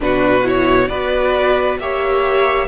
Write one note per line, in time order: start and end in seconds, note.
0.00 0.89 B2
0.00 0.42 D4
0.00 0.89 F#4
0.00 0.46 B4
0.43 0.88 E4
0.43 0.87 C#5
0.87 1.78 B3
0.87 1.80 F#4
0.87 1.79 B4
0.87 1.77 D5
1.79 2.67 A#3
1.79 2.67 G4
1.79 2.67 C#5
1.79 2.67 E5